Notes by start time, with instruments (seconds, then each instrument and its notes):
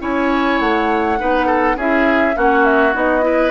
0.00 bassoon C#4, clarinet E4, oboe C#5, flute G#5
0.60 bassoon A3, flute F#5
1.19 bassoon B3, clarinet D#4, oboe B4
1.47 oboe A4
1.76 bassoon C#4, clarinet E4, oboe G#4, flute E5
2.34 bassoon A#3, clarinet C#4, oboe F#4, flute F#5
2.65 flute E5
2.93 bassoon B3, clarinet D#4, flute D#5
3.22 clarinet E4, oboe B4